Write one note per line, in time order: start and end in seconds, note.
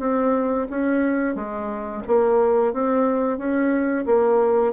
0.00 0.67 C4
0.70 1.35 C#4
1.35 2.03 G#3
2.07 2.73 A#3
2.73 3.38 C4
3.38 4.05 C#4
4.06 4.73 A#3